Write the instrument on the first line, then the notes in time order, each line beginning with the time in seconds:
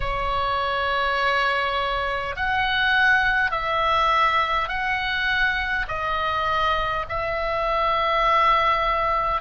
oboe
0.00 C#5
2.35 F#5
3.51 E5
4.68 F#5
5.88 D#5
7.09 E5